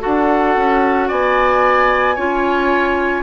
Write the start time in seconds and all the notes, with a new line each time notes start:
0.00 D4 F#4 A4 F#5
0.56 C#4
1.08 B3 D5 G#5
2.15 C#4 F4 C#5